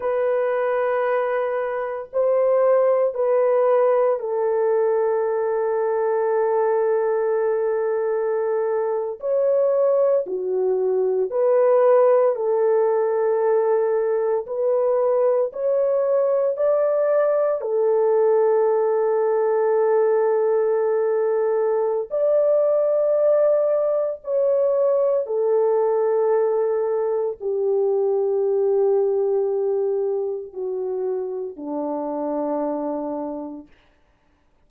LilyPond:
\new Staff \with { instrumentName = "horn" } { \time 4/4 \tempo 4 = 57 b'2 c''4 b'4 | a'1~ | a'8. cis''4 fis'4 b'4 a'16~ | a'4.~ a'16 b'4 cis''4 d''16~ |
d''8. a'2.~ a'16~ | a'4 d''2 cis''4 | a'2 g'2~ | g'4 fis'4 d'2 | }